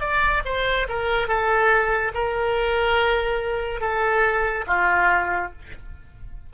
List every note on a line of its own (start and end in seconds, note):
0.00 0.42 D5
0.45 0.87 C5
0.88 1.28 A#4
1.28 2.12 A4
2.14 3.80 A#4
3.80 4.65 A4
4.67 5.51 F4